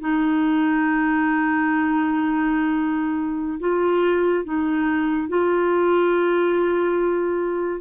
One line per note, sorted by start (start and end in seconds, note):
0.00 3.59 D#4
3.60 4.44 F4
4.44 5.29 D#4
5.29 7.81 F4